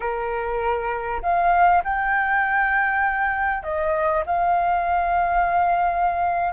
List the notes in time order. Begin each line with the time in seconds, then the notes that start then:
0.00 A#4
1.22 F5
1.83 G5
3.63 D#5
4.26 F5